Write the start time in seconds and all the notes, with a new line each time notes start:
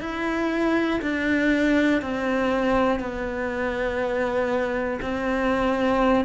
0.00 E4
1.01 D4
2.01 C4
2.99 B3
5.01 C4